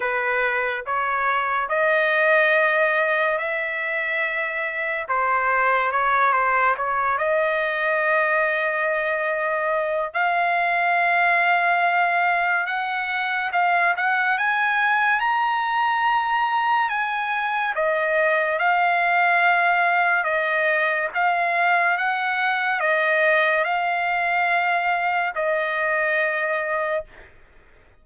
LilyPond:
\new Staff \with { instrumentName = "trumpet" } { \time 4/4 \tempo 4 = 71 b'4 cis''4 dis''2 | e''2 c''4 cis''8 c''8 | cis''8 dis''2.~ dis''8 | f''2. fis''4 |
f''8 fis''8 gis''4 ais''2 | gis''4 dis''4 f''2 | dis''4 f''4 fis''4 dis''4 | f''2 dis''2 | }